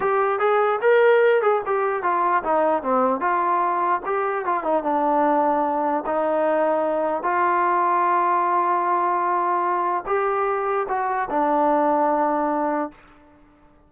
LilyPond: \new Staff \with { instrumentName = "trombone" } { \time 4/4 \tempo 4 = 149 g'4 gis'4 ais'4. gis'8 | g'4 f'4 dis'4 c'4 | f'2 g'4 f'8 dis'8 | d'2. dis'4~ |
dis'2 f'2~ | f'1~ | f'4 g'2 fis'4 | d'1 | }